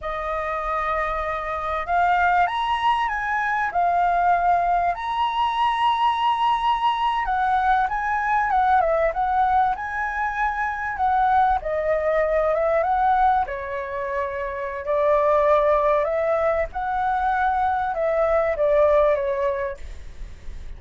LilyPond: \new Staff \with { instrumentName = "flute" } { \time 4/4 \tempo 4 = 97 dis''2. f''4 | ais''4 gis''4 f''2 | ais''2.~ ais''8. fis''16~ | fis''8. gis''4 fis''8 e''8 fis''4 gis''16~ |
gis''4.~ gis''16 fis''4 dis''4~ dis''16~ | dis''16 e''8 fis''4 cis''2~ cis''16 | d''2 e''4 fis''4~ | fis''4 e''4 d''4 cis''4 | }